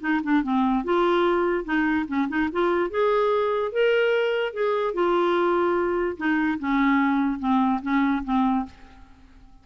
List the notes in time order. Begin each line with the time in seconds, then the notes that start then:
0.00 D#4
0.23 D4
0.43 C4
0.84 F4
1.64 D#4
2.08 C#4
2.28 D#4
2.52 F4
2.90 G#4
3.72 A#4
4.53 G#4
4.94 F4
6.17 D#4
6.59 C#4
7.39 C4
7.82 C#4
8.24 C4